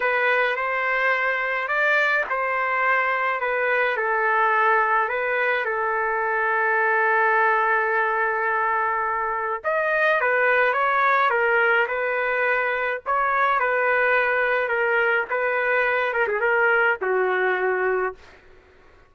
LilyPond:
\new Staff \with { instrumentName = "trumpet" } { \time 4/4 \tempo 4 = 106 b'4 c''2 d''4 | c''2 b'4 a'4~ | a'4 b'4 a'2~ | a'1~ |
a'4 dis''4 b'4 cis''4 | ais'4 b'2 cis''4 | b'2 ais'4 b'4~ | b'8 ais'16 gis'16 ais'4 fis'2 | }